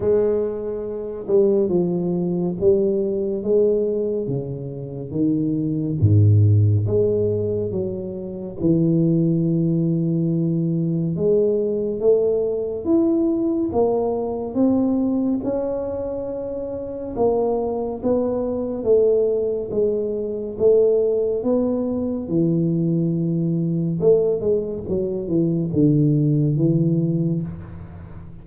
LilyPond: \new Staff \with { instrumentName = "tuba" } { \time 4/4 \tempo 4 = 70 gis4. g8 f4 g4 | gis4 cis4 dis4 gis,4 | gis4 fis4 e2~ | e4 gis4 a4 e'4 |
ais4 c'4 cis'2 | ais4 b4 a4 gis4 | a4 b4 e2 | a8 gis8 fis8 e8 d4 e4 | }